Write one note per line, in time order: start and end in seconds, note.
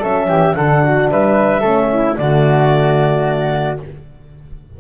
0.00 0.28 F#3
0.00 0.57 C#4
0.00 0.27 A4
0.00 0.55 E5
0.28 0.55 E3
0.28 0.55 G4
0.55 1.10 D3
0.55 1.63 D4
0.55 0.84 A4
0.55 1.09 F#5
0.84 1.11 F#4
1.11 1.64 G3
1.11 1.61 B4
1.11 2.17 E5
1.61 2.18 A3
1.61 2.17 C#4
1.61 1.88 A4
1.92 2.19 E4
2.17 3.79 D3
2.17 3.79 A3
2.17 3.81 F#4
2.17 3.78 D5